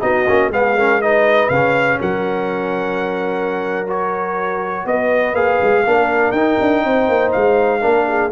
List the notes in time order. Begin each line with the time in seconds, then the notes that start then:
0.00 B3 D#4 F#4 D#5
0.27 A#3 C#4
0.48 G#3 B3 G#4 F5
0.76 C#4 A#4
1.00 D#4 B4 D#5
1.49 C#3 C#4 F5
1.99 F#3 A#4 F#5
3.87 F#4 C#5
4.85 B3 B4 D#5
5.33 A#3 G#4 F5
5.62 G#3
5.83 A#3 D4 A#4
6.31 D#4 G5
6.60 D4
6.84 C4 C5
7.08 A#3
7.32 G#3 F5
7.80 A#3 D4 A#4
8.08 G#4